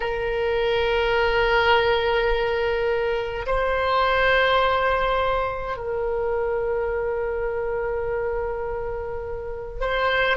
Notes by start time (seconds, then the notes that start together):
0.00 A#4
3.46 C5
5.76 A#4
9.80 C5